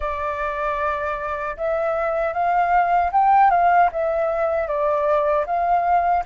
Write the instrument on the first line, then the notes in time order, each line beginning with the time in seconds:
flute
0.00 D5
1.56 E5
2.33 F5
3.12 G5
3.50 F5
3.92 E5
4.67 D5
5.45 F5